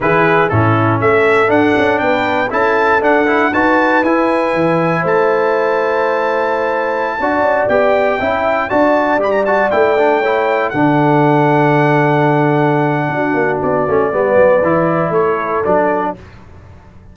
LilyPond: <<
  \new Staff \with { instrumentName = "trumpet" } { \time 4/4 \tempo 4 = 119 b'4 a'4 e''4 fis''4 | g''4 a''4 fis''4 a''4 | gis''2 a''2~ | a''2.~ a''16 g''8.~ |
g''4~ g''16 a''4 b''16 ais''16 a''8 g''8.~ | g''4~ g''16 fis''2~ fis''8.~ | fis''2. d''4~ | d''2 cis''4 d''4 | }
  \new Staff \with { instrumentName = "horn" } { \time 4/4 gis'4 e'4 a'2 | b'4 a'2 b'4~ | b'2 c''2~ | c''2~ c''16 d''4.~ d''16~ |
d''16 e''4 d''2~ d''8.~ | d''16 cis''4 a'2~ a'8.~ | a'2 fis'2 | b'2 a'2 | }
  \new Staff \with { instrumentName = "trombone" } { \time 4/4 e'4 cis'2 d'4~ | d'4 e'4 d'8 e'8 fis'4 | e'1~ | e'2~ e'16 fis'4 g'8.~ |
g'16 e'4 fis'4 g'8 fis'8 e'8 d'16~ | d'16 e'4 d'2~ d'8.~ | d'2.~ d'8 cis'8 | b4 e'2 d'4 | }
  \new Staff \with { instrumentName = "tuba" } { \time 4/4 e4 a,4 a4 d'8 cis'8 | b4 cis'4 d'4 dis'4 | e'4 e4 a2~ | a2~ a16 d'8 cis'8 b8.~ |
b16 cis'4 d'4 g4 a8.~ | a4~ a16 d2~ d8.~ | d2 d'8 ais8 b8 a8 | g8 fis8 e4 a4 fis4 | }
>>